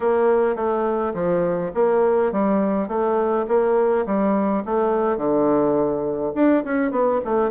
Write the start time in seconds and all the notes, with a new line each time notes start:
0.00 A#3
0.55 A3
1.14 F3
1.74 A#3
2.32 G3
2.87 A3
3.48 A#3
4.06 G3
4.65 A3
5.17 D3
6.35 D4
6.64 C#4
6.91 B3
7.24 A3